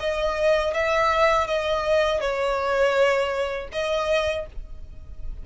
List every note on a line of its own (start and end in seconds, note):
0.00 0.74 D#5
0.74 1.47 E5
1.47 2.21 D#5
2.21 3.69 C#5
3.73 4.47 D#5